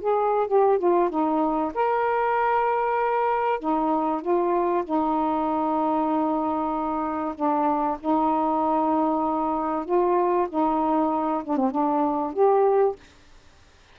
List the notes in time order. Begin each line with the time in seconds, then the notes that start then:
0.00 G#4
0.47 G4
0.78 F4
1.09 D#4
1.74 A#4
3.59 D#4
4.21 F4
4.84 D#4
7.35 D4
7.99 D#4
9.85 F4
10.49 D#4
11.44 D4
11.57 C4
11.70 D4
12.33 G4